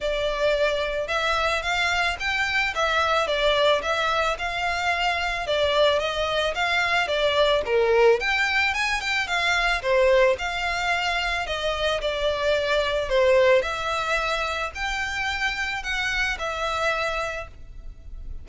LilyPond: \new Staff \with { instrumentName = "violin" } { \time 4/4 \tempo 4 = 110 d''2 e''4 f''4 | g''4 e''4 d''4 e''4 | f''2 d''4 dis''4 | f''4 d''4 ais'4 g''4 |
gis''8 g''8 f''4 c''4 f''4~ | f''4 dis''4 d''2 | c''4 e''2 g''4~ | g''4 fis''4 e''2 | }